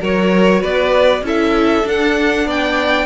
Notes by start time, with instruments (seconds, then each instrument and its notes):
0.00 cello F#3, viola F#4, violin A#4 C#5
0.61 cello B3, violin B4 D5
1.22 cello C#4, viola E4, violin A4 E5
1.83 viola D4, cello D4, violin F#5
2.45 cello B3, violin D5 G5